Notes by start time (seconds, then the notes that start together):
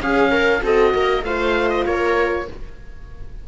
0.00 C#4 G#4 F5
0.31 A#4
0.62 C4 F#4 A4 D#5
0.94 A#3 A#4
1.23 A3 F4 C5 F5
1.69 D#5
1.86 A#3 A#4 C#5